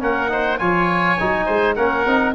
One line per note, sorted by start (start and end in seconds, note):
0.00 0.60 A#3
0.00 0.29 C#4
0.00 0.31 A#4
0.00 0.59 F#5
0.29 0.58 D#4
0.29 0.59 C5
0.59 1.19 F3
0.59 1.17 F4
0.59 1.46 C#5
0.59 1.75 G#5
1.20 1.48 F#3
1.20 1.78 D#4
1.46 1.77 G#3
1.46 1.75 C5
1.75 2.06 A#3
1.75 2.07 C#4
1.75 2.35 A#4
1.75 2.34 F#5
2.06 2.35 C4
2.06 2.35 D#4